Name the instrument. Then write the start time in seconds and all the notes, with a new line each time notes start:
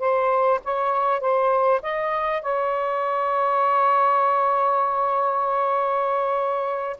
saxophone
0.00 C5
0.65 C#5
1.21 C5
1.83 D#5
2.43 C#5